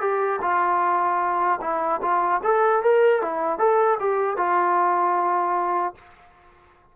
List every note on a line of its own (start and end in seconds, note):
0.00 0.39 G4
0.41 1.60 F4
1.61 2.01 E4
2.02 2.41 F4
2.43 2.82 A4
2.82 3.22 A#4
3.22 3.59 E4
3.59 3.98 A4
4.00 4.37 G4
4.37 5.95 F4